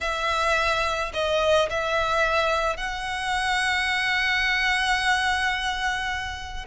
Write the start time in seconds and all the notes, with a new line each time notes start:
0.01 E5
1.13 D#5
1.70 E5
2.77 F#5